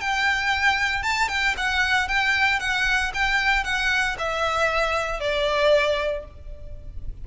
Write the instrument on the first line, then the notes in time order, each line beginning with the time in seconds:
violin
0.00 G5
1.02 A5
1.28 G5
1.57 F#5
2.08 G5
2.59 F#5
3.14 G5
3.64 F#5
4.18 E5
5.20 D5